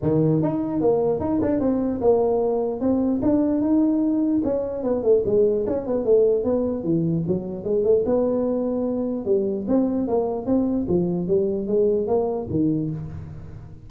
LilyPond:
\new Staff \with { instrumentName = "tuba" } { \time 4/4 \tempo 4 = 149 dis4 dis'4 ais4 dis'8 d'8 | c'4 ais2 c'4 | d'4 dis'2 cis'4 | b8 a8 gis4 cis'8 b8 a4 |
b4 e4 fis4 gis8 a8 | b2. g4 | c'4 ais4 c'4 f4 | g4 gis4 ais4 dis4 | }